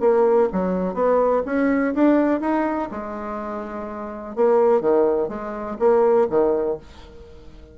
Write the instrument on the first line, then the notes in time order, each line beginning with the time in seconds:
bassoon
0.00 A#3
0.52 F#3
0.94 B3
1.46 C#4
1.94 D4
2.40 D#4
2.91 G#3
4.36 A#3
4.81 D#3
5.29 G#3
5.79 A#3
6.29 D#3